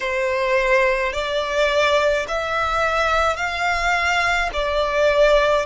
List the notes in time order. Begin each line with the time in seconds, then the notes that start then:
0.00 C5
1.12 D5
2.27 E5
3.36 F5
4.53 D5